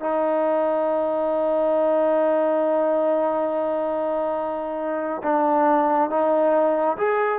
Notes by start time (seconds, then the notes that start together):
0.00 D#4
5.23 D4
6.10 D#4
6.97 G#4